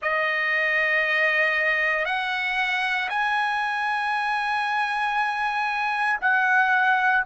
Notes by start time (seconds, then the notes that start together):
0.01 D#5
2.05 F#5
3.09 G#5
6.21 F#5